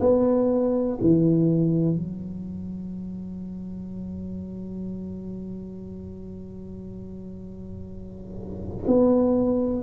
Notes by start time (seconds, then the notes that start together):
0.00 B3
1.01 E3
1.96 F#3
8.87 B3